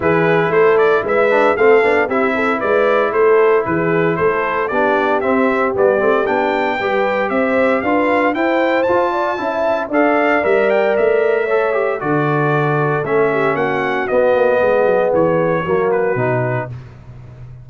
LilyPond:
<<
  \new Staff \with { instrumentName = "trumpet" } { \time 4/4 \tempo 4 = 115 b'4 c''8 d''8 e''4 f''4 | e''4 d''4 c''4 b'4 | c''4 d''4 e''4 d''4 | g''2 e''4 f''4 |
g''4 a''2 f''4 | e''8 g''8 e''2 d''4~ | d''4 e''4 fis''4 dis''4~ | dis''4 cis''4. b'4. | }
  \new Staff \with { instrumentName = "horn" } { \time 4/4 gis'4 a'4 b'4 a'4 | g'8 a'8 b'4 a'4 gis'4 | a'4 g'2.~ | g'4 b'4 c''4 b'4 |
c''4. d''8 e''4 d''4~ | d''2 cis''4 a'4~ | a'4. g'8 fis'2 | gis'2 fis'2 | }
  \new Staff \with { instrumentName = "trombone" } { \time 4/4 e'2~ e'8 d'8 c'8 d'8 | e'1~ | e'4 d'4 c'4 b8 c'8 | d'4 g'2 f'4 |
e'4 f'4 e'4 a'4 | ais'2 a'8 g'8 fis'4~ | fis'4 cis'2 b4~ | b2 ais4 dis'4 | }
  \new Staff \with { instrumentName = "tuba" } { \time 4/4 e4 a4 gis4 a8 b8 | c'4 gis4 a4 e4 | a4 b4 c'4 g8 a8 | b4 g4 c'4 d'4 |
e'4 f'4 cis'4 d'4 | g4 a2 d4~ | d4 a4 ais4 b8 ais8 | gis8 fis8 e4 fis4 b,4 | }
>>